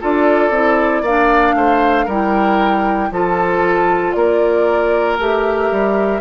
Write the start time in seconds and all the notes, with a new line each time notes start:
0.00 D4 F4 A4 D5
0.50 C4 E4
1.01 A#3 D4 D5 F5
1.54 A3 C5
2.05 G3 E4 A#4 G5
3.10 F3 F4 A4 A5
4.12 A#3 A#4 D5
5.18 A3 G4 E5
5.71 G3